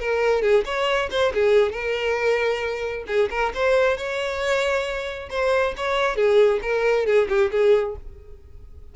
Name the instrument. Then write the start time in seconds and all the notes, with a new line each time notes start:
violin
0.00 A#4
0.42 G#4
0.65 C#5
1.11 C5
1.34 G#4
1.72 A#4
3.07 G#4
3.31 A#4
3.55 C5
3.97 C#5
5.30 C5
5.77 C#5
6.16 G#4
6.62 A#4
7.06 G#4
7.29 G4
7.52 G#4